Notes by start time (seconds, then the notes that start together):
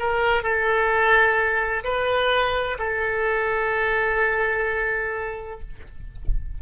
0.00 A#4
0.43 A4
1.85 B4
2.80 A4